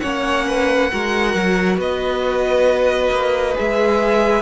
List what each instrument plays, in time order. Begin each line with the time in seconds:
0.00 cello A#3, viola C#4, violin C#5 F#5
0.47 violin B4
0.91 cello G#3, viola F#4, violin A#4
1.35 cello F#3
1.77 cello B3, violin B4 D#5
3.11 cello A#3
3.54 cello G#3, viola G#4, violin E5